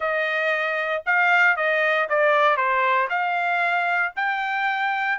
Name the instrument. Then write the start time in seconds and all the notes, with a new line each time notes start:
trumpet
0.00 D#5
1.06 F5
1.56 D#5
2.09 D5
2.56 C5
3.09 F5
4.15 G5